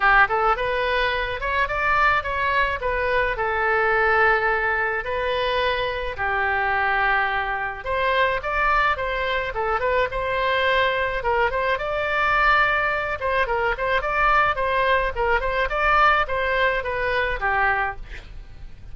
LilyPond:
\new Staff \with { instrumentName = "oboe" } { \time 4/4 \tempo 4 = 107 g'8 a'8 b'4. cis''8 d''4 | cis''4 b'4 a'2~ | a'4 b'2 g'4~ | g'2 c''4 d''4 |
c''4 a'8 b'8 c''2 | ais'8 c''8 d''2~ d''8 c''8 | ais'8 c''8 d''4 c''4 ais'8 c''8 | d''4 c''4 b'4 g'4 | }